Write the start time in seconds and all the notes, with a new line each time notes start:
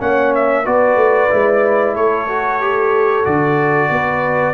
0.00 A#3 C#4 C#5 F#5
0.35 E5
0.63 B3 F#4 B4 D5
0.95 A3
1.30 G#3 E4
1.94 A3 A4 C#5
2.28 F#4
2.61 G4
3.24 D3 F#4 D5
3.89 B3 B4